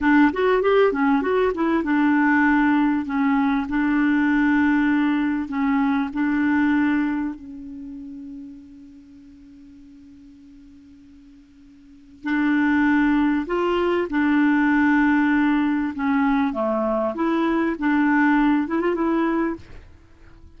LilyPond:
\new Staff \with { instrumentName = "clarinet" } { \time 4/4 \tempo 4 = 98 d'8 fis'8 g'8 cis'8 fis'8 e'8 d'4~ | d'4 cis'4 d'2~ | d'4 cis'4 d'2 | cis'1~ |
cis'1 | d'2 f'4 d'4~ | d'2 cis'4 a4 | e'4 d'4. e'16 f'16 e'4 | }